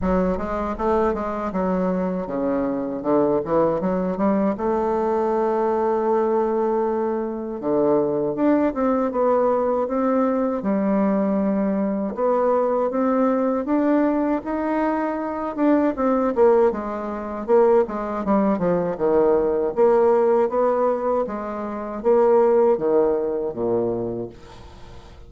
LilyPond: \new Staff \with { instrumentName = "bassoon" } { \time 4/4 \tempo 4 = 79 fis8 gis8 a8 gis8 fis4 cis4 | d8 e8 fis8 g8 a2~ | a2 d4 d'8 c'8 | b4 c'4 g2 |
b4 c'4 d'4 dis'4~ | dis'8 d'8 c'8 ais8 gis4 ais8 gis8 | g8 f8 dis4 ais4 b4 | gis4 ais4 dis4 ais,4 | }